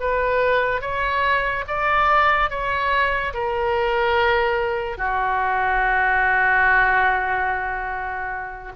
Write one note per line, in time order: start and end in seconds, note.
0.00 0.81 B4
0.81 1.65 C#5
1.68 2.50 D5
2.50 3.33 C#5
3.34 4.98 A#4
4.98 8.73 F#4